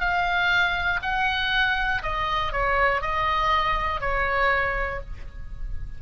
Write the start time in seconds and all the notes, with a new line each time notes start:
0.00 F5
1.02 F#5
2.03 D#5
2.52 C#5
3.01 D#5
4.00 C#5